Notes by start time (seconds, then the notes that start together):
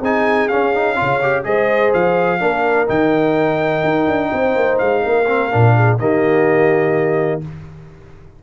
0.00 C4 D#4 G#4 G#5
0.48 C#4 F5
0.74 D#4
0.95 C#3 F4 C#5
1.22 G4
1.44 G#3 G#4 C5 D#5
1.93 F3 F5
2.39 A#3 D4 A#4
2.87 D#3 D#4 G5
3.83 D#4
4.07 D4
4.31 C4 C5
4.55 A#3
4.78 G#3 F5
5.04 A#3 A#4
5.27 C4
5.50 A#2 D4
5.75 G#4
5.98 D#3 A#3 G4 D#5